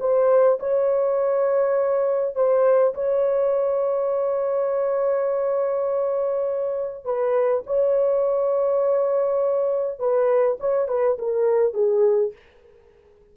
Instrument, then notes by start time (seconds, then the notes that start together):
horn
0.00 C5
0.60 C#5
2.35 C5
2.94 C#5
7.05 B4
7.67 C#5
9.99 B4
10.60 C#5
10.88 B4
11.19 A#4
11.74 G#4